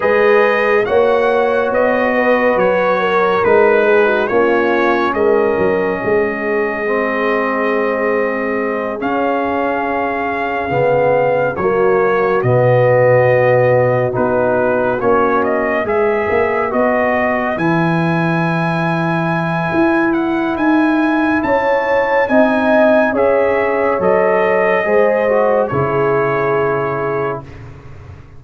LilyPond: <<
  \new Staff \with { instrumentName = "trumpet" } { \time 4/4 \tempo 4 = 70 dis''4 fis''4 dis''4 cis''4 | b'4 cis''4 dis''2~ | dis''2~ dis''8 f''4.~ | f''4. cis''4 dis''4.~ |
dis''8 b'4 cis''8 dis''8 e''4 dis''8~ | dis''8 gis''2. fis''8 | gis''4 a''4 gis''4 e''4 | dis''2 cis''2 | }
  \new Staff \with { instrumentName = "horn" } { \time 4/4 b'4 cis''4. b'4 ais'8~ | ais'8 gis'16 fis'16 f'4 ais'4 gis'4~ | gis'1~ | gis'4. fis'2~ fis'8~ |
fis'2~ fis'8 b'4.~ | b'1~ | b'4 cis''4 dis''4 cis''4~ | cis''4 c''4 gis'2 | }
  \new Staff \with { instrumentName = "trombone" } { \time 4/4 gis'4 fis'2. | dis'4 cis'2. | c'2~ c'8 cis'4.~ | cis'8 b4 ais4 b4.~ |
b8 dis'4 cis'4 gis'4 fis'8~ | fis'8 e'2.~ e'8~ | e'2 dis'4 gis'4 | a'4 gis'8 fis'8 e'2 | }
  \new Staff \with { instrumentName = "tuba" } { \time 4/4 gis4 ais4 b4 fis4 | gis4 ais4 gis8 fis8 gis4~ | gis2~ gis8 cis'4.~ | cis'8 cis4 fis4 b,4.~ |
b,8 b4 ais4 gis8 ais8 b8~ | b8 e2~ e8 e'4 | dis'4 cis'4 c'4 cis'4 | fis4 gis4 cis2 | }
>>